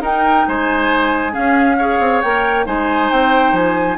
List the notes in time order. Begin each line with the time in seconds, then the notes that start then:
0.00 D#4 A#4 G5
0.47 G#3 C5 G#5
1.32 C#4 G#4 F5
1.78 G#4 C#5
1.99 C4
2.21 A#3 A#4 G5
2.65 G#3 D#4 C5 G#5
3.11 C4 G5
3.52 F3 G#5